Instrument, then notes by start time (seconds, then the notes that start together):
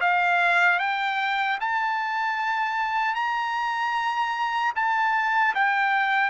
trumpet
0.00 F5
0.79 G5
1.60 A5
3.14 A#5
4.75 A5
5.54 G5